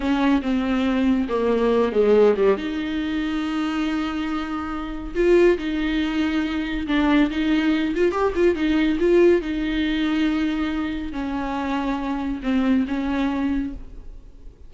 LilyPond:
\new Staff \with { instrumentName = "viola" } { \time 4/4 \tempo 4 = 140 cis'4 c'2 ais4~ | ais8 gis4 g8 dis'2~ | dis'1 | f'4 dis'2. |
d'4 dis'4. f'8 g'8 f'8 | dis'4 f'4 dis'2~ | dis'2 cis'2~ | cis'4 c'4 cis'2 | }